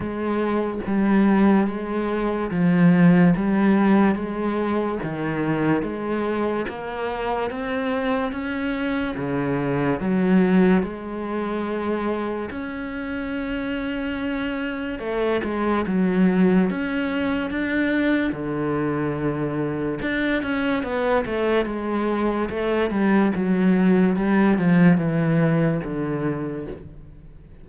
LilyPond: \new Staff \with { instrumentName = "cello" } { \time 4/4 \tempo 4 = 72 gis4 g4 gis4 f4 | g4 gis4 dis4 gis4 | ais4 c'4 cis'4 cis4 | fis4 gis2 cis'4~ |
cis'2 a8 gis8 fis4 | cis'4 d'4 d2 | d'8 cis'8 b8 a8 gis4 a8 g8 | fis4 g8 f8 e4 d4 | }